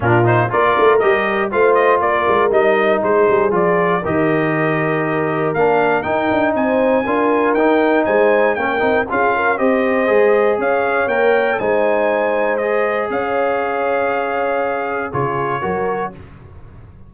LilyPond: <<
  \new Staff \with { instrumentName = "trumpet" } { \time 4/4 \tempo 4 = 119 ais'8 c''8 d''4 dis''4 f''8 dis''8 | d''4 dis''4 c''4 d''4 | dis''2. f''4 | g''4 gis''2 g''4 |
gis''4 g''4 f''4 dis''4~ | dis''4 f''4 g''4 gis''4~ | gis''4 dis''4 f''2~ | f''2 cis''2 | }
  \new Staff \with { instrumentName = "horn" } { \time 4/4 f'4 ais'2 c''4 | ais'2 gis'2 | ais'1~ | ais'4 c''4 ais'2 |
c''4 ais'4 gis'8 ais'8 c''4~ | c''4 cis''2 c''4~ | c''2 cis''2~ | cis''2 gis'4 ais'4 | }
  \new Staff \with { instrumentName = "trombone" } { \time 4/4 d'8 dis'8 f'4 g'4 f'4~ | f'4 dis'2 f'4 | g'2. d'4 | dis'2 f'4 dis'4~ |
dis'4 cis'8 dis'8 f'4 g'4 | gis'2 ais'4 dis'4~ | dis'4 gis'2.~ | gis'2 f'4 fis'4 | }
  \new Staff \with { instrumentName = "tuba" } { \time 4/4 ais,4 ais8 a8 g4 a4 | ais8 gis8 g4 gis8 g8 f4 | dis2. ais4 | dis'8 d'8 c'4 d'4 dis'4 |
gis4 ais8 c'8 cis'4 c'4 | gis4 cis'4 ais4 gis4~ | gis2 cis'2~ | cis'2 cis4 fis4 | }
>>